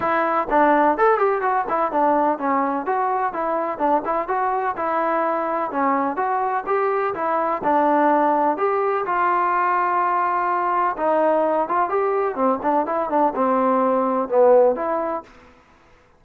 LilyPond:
\new Staff \with { instrumentName = "trombone" } { \time 4/4 \tempo 4 = 126 e'4 d'4 a'8 g'8 fis'8 e'8 | d'4 cis'4 fis'4 e'4 | d'8 e'8 fis'4 e'2 | cis'4 fis'4 g'4 e'4 |
d'2 g'4 f'4~ | f'2. dis'4~ | dis'8 f'8 g'4 c'8 d'8 e'8 d'8 | c'2 b4 e'4 | }